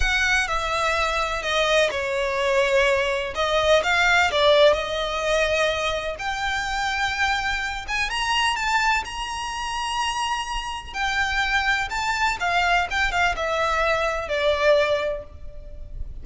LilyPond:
\new Staff \with { instrumentName = "violin" } { \time 4/4 \tempo 4 = 126 fis''4 e''2 dis''4 | cis''2. dis''4 | f''4 d''4 dis''2~ | dis''4 g''2.~ |
g''8 gis''8 ais''4 a''4 ais''4~ | ais''2. g''4~ | g''4 a''4 f''4 g''8 f''8 | e''2 d''2 | }